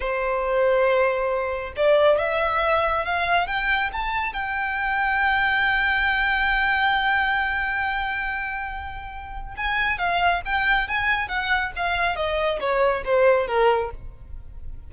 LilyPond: \new Staff \with { instrumentName = "violin" } { \time 4/4 \tempo 4 = 138 c''1 | d''4 e''2 f''4 | g''4 a''4 g''2~ | g''1~ |
g''1~ | g''2 gis''4 f''4 | g''4 gis''4 fis''4 f''4 | dis''4 cis''4 c''4 ais'4 | }